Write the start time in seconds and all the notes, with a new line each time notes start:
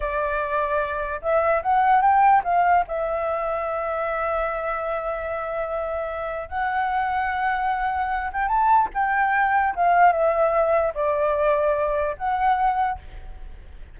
0.00 D5
1.21 E5
1.62 F#5
2.01 G5
2.44 F5
2.87 E5
6.48 F#5
8.32 G5
8.48 A5
8.93 G5
9.75 F5
10.12 E5
10.94 D5
12.17 F#5